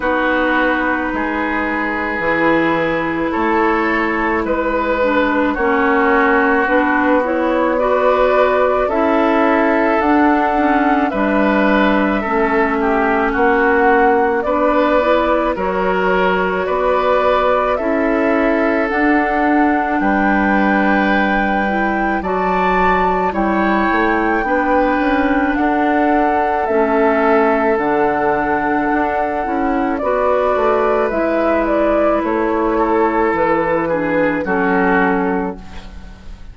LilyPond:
<<
  \new Staff \with { instrumentName = "flute" } { \time 4/4 \tempo 4 = 54 b'2. cis''4 | b'4 cis''4 b'8 cis''8 d''4 | e''4 fis''4 e''2 | fis''4 d''4 cis''4 d''4 |
e''4 fis''4 g''2 | a''4 g''2 fis''4 | e''4 fis''2 d''4 | e''8 d''8 cis''4 b'4 a'4 | }
  \new Staff \with { instrumentName = "oboe" } { \time 4/4 fis'4 gis'2 a'4 | b'4 fis'2 b'4 | a'2 b'4 a'8 g'8 | fis'4 b'4 ais'4 b'4 |
a'2 b'2 | d''4 cis''4 b'4 a'4~ | a'2. b'4~ | b'4. a'4 gis'8 fis'4 | }
  \new Staff \with { instrumentName = "clarinet" } { \time 4/4 dis'2 e'2~ | e'8 d'8 cis'4 d'8 e'8 fis'4 | e'4 d'8 cis'8 d'4 cis'4~ | cis'4 d'8 e'8 fis'2 |
e'4 d'2~ d'8 e'8 | fis'4 e'4 d'2 | cis'4 d'4. e'8 fis'4 | e'2~ e'8 d'8 cis'4 | }
  \new Staff \with { instrumentName = "bassoon" } { \time 4/4 b4 gis4 e4 a4 | gis4 ais4 b2 | cis'4 d'4 g4 a4 | ais4 b4 fis4 b4 |
cis'4 d'4 g2 | fis4 g8 a8 b8 cis'8 d'4 | a4 d4 d'8 cis'8 b8 a8 | gis4 a4 e4 fis4 | }
>>